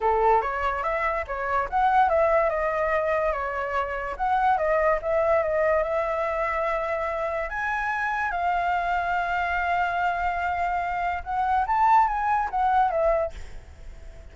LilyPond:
\new Staff \with { instrumentName = "flute" } { \time 4/4 \tempo 4 = 144 a'4 cis''4 e''4 cis''4 | fis''4 e''4 dis''2 | cis''2 fis''4 dis''4 | e''4 dis''4 e''2~ |
e''2 gis''2 | f''1~ | f''2. fis''4 | a''4 gis''4 fis''4 e''4 | }